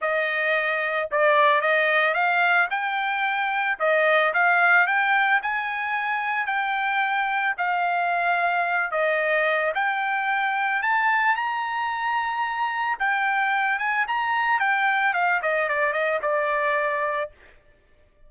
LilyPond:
\new Staff \with { instrumentName = "trumpet" } { \time 4/4 \tempo 4 = 111 dis''2 d''4 dis''4 | f''4 g''2 dis''4 | f''4 g''4 gis''2 | g''2 f''2~ |
f''8 dis''4. g''2 | a''4 ais''2. | g''4. gis''8 ais''4 g''4 | f''8 dis''8 d''8 dis''8 d''2 | }